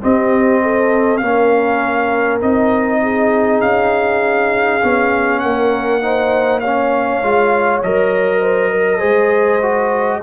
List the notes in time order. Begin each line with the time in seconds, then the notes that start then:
0.00 C4 G4 D#5
0.62 A4
1.17 A#3 C#4 A#4 F5
2.41 C4 D#4 D#5
3.02 G#4
3.60 C#4 F5
4.83 B3 C#4
5.39 A#3 A#4 F#5
6.02 D#4 C5
6.59 C#4 C#5 F5
7.22 G#3 F4
7.83 F#3 A#4 D#5
8.40 C5
8.70 A#4
8.98 G#3 G#4 C5
9.61 F#4